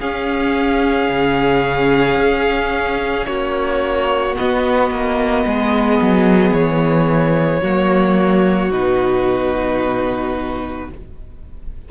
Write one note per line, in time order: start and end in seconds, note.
0.00 1.09 C#4
0.00 4.35 C#4
0.00 3.27 G#4
0.00 3.26 F5
1.09 2.17 C#3
2.17 3.26 C#4
3.26 4.35 A#3
3.26 5.46 F#4
3.26 4.35 C#5
4.35 7.62 B3
4.35 4.91 B3
4.35 6.54 D#5
4.91 5.45 A#3
5.46 6.00 G#3
5.46 7.61 G#4
6.01 6.52 F#3
6.52 7.61 E3
6.52 8.72 C#5
7.61 8.71 F#3
7.61 8.71 A#3
7.61 10.89 F#4
8.71 10.89 B2
8.71 10.90 D#4
8.71 10.91 B4